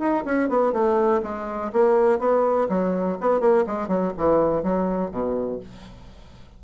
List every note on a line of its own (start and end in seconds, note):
0.00 0.24 D#4
0.25 0.49 C#4
0.49 0.73 B3
0.73 1.22 A3
1.23 1.72 G#3
1.73 2.19 A#3
2.19 2.68 B3
2.69 3.18 F#3
3.21 3.41 B3
3.41 3.65 A#3
3.67 3.88 G#3
3.88 4.13 F#3
4.18 4.63 E3
4.63 5.12 F#3
5.12 5.60 B2